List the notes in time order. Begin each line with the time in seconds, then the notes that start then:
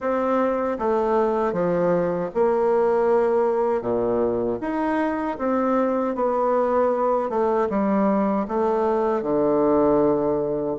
0.00 C4
0.79 A3
1.52 F3
2.34 A#3
3.81 A#2
4.60 D#4
5.38 C4
6.15 B3
7.29 A3
7.69 G3
8.48 A3
9.22 D3